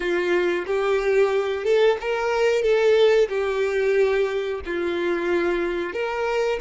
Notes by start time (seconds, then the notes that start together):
0.00 F4
0.66 G4
1.64 A4
2.00 A#4
2.62 A4
3.28 G4
4.65 F4
5.93 A#4